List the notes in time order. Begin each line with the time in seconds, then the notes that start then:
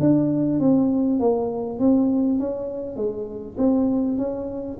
0.00 D4
0.59 C4
1.20 A#3
1.79 C4
2.39 C#4
2.96 G#3
3.58 C4
4.18 C#4